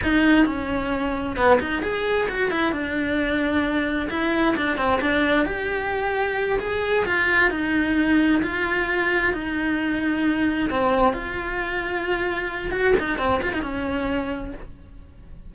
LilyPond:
\new Staff \with { instrumentName = "cello" } { \time 4/4 \tempo 4 = 132 dis'4 cis'2 b8 dis'8 | gis'4 fis'8 e'8 d'2~ | d'4 e'4 d'8 c'8 d'4 | g'2~ g'8 gis'4 f'8~ |
f'8 dis'2 f'4.~ | f'8 dis'2. c'8~ | c'8 f'2.~ f'8 | fis'8 dis'8 c'8 f'16 dis'16 cis'2 | }